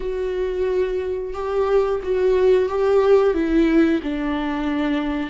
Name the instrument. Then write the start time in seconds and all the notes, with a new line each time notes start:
viola
0.00 F#4
1.33 G4
2.03 F#4
2.68 G4
3.34 E4
4.02 D4